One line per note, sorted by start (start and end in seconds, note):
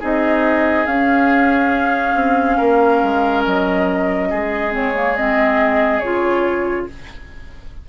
0.00 0.87 C4
0.00 0.86 D#4
0.00 2.57 G#4
0.00 0.86 D#5
0.86 2.15 C#4
0.86 4.72 C#4
0.86 3.43 F5
2.15 2.58 C4
2.57 3.03 A#3
2.57 4.29 A#4
3.03 3.46 G#3
3.45 4.32 F#3
3.45 4.74 D#5
4.30 6.00 G#3
4.30 6.87 G#4
4.72 4.93 C4
4.72 5.17 C#5
4.95 5.16 A#3
5.17 6.03 C4
5.17 6.00 D#5
6.00 6.86 C#3
6.00 6.89 F4
6.00 6.86 C#5